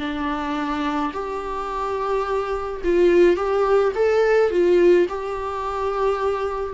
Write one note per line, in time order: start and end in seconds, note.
0.00 1.12 D4
1.13 2.82 G4
2.84 3.37 F4
3.37 3.93 G4
3.96 4.51 A4
4.51 5.07 F4
5.09 6.74 G4